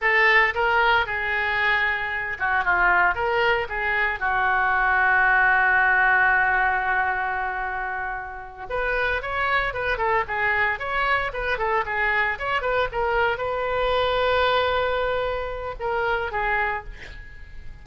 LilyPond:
\new Staff \with { instrumentName = "oboe" } { \time 4/4 \tempo 4 = 114 a'4 ais'4 gis'2~ | gis'8 fis'8 f'4 ais'4 gis'4 | fis'1~ | fis'1~ |
fis'8 b'4 cis''4 b'8 a'8 gis'8~ | gis'8 cis''4 b'8 a'8 gis'4 cis''8 | b'8 ais'4 b'2~ b'8~ | b'2 ais'4 gis'4 | }